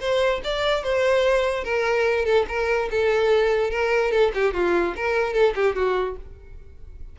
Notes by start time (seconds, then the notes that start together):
0.00 C5
0.44 D5
0.83 C5
1.64 A#4
2.25 A4
2.48 A#4
2.91 A4
3.71 A#4
4.11 A4
4.34 G4
4.54 F4
4.96 A#4
5.33 A4
5.56 G4
5.76 F#4